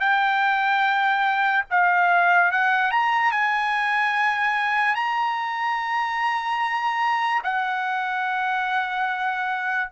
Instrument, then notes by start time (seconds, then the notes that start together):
trumpet
0.00 G5
1.70 F5
2.51 F#5
2.91 A#5
3.31 G#5
4.95 A#5
7.43 F#5